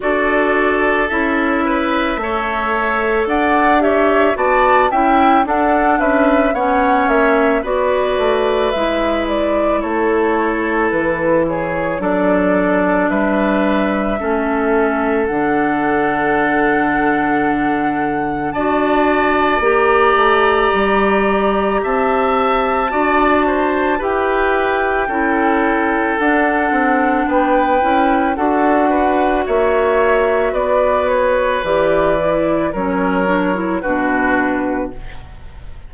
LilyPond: <<
  \new Staff \with { instrumentName = "flute" } { \time 4/4 \tempo 4 = 55 d''4 e''2 fis''8 e''8 | a''8 g''8 fis''8 e''8 fis''8 e''8 d''4 | e''8 d''8 cis''4 b'8 cis''8 d''4 | e''2 fis''2~ |
fis''4 a''4 ais''2 | a''2 g''2 | fis''4 g''4 fis''4 e''4 | d''8 cis''8 d''4 cis''4 b'4 | }
  \new Staff \with { instrumentName = "oboe" } { \time 4/4 a'4. b'8 cis''4 d''8 cis''8 | d''8 e''8 a'8 b'8 cis''4 b'4~ | b'4 a'4. gis'8 a'4 | b'4 a'2.~ |
a'4 d''2. | e''4 d''8 c''8 b'4 a'4~ | a'4 b'4 a'8 b'8 cis''4 | b'2 ais'4 fis'4 | }
  \new Staff \with { instrumentName = "clarinet" } { \time 4/4 fis'4 e'4 a'4. g'8 | fis'8 e'8 d'4 cis'4 fis'4 | e'2. d'4~ | d'4 cis'4 d'2~ |
d'4 fis'4 g'2~ | g'4 fis'4 g'4 e'4 | d'4. e'8 fis'2~ | fis'4 g'8 e'8 cis'8 d'16 e'16 d'4 | }
  \new Staff \with { instrumentName = "bassoon" } { \time 4/4 d'4 cis'4 a4 d'4 | b8 cis'8 d'8 cis'8 b8 ais8 b8 a8 | gis4 a4 e4 fis4 | g4 a4 d2~ |
d4 d'4 ais8 a8 g4 | c'4 d'4 e'4 cis'4 | d'8 c'8 b8 cis'8 d'4 ais4 | b4 e4 fis4 b,4 | }
>>